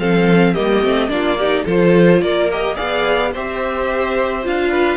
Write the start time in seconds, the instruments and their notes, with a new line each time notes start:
0.00 cello F3, viola C4, violin A4 F5
0.54 cello G3, viola A#3, violin G4 D#5
0.83 cello A3, viola C4
1.09 cello A#3, viola D4, violin F4 D5
1.39 viola D#4, violin G4
1.65 cello F3, viola F4, violin A4
1.71 violin C5
2.22 cello A#3, violin A#4 D5
2.52 viola G4, violin D#5
2.76 cello B3, viola G#4, violin D5 F5
3.32 cello C4, viola G4, violin C5 E5
4.44 cello D4, viola F4, violin F5
4.71 violin B4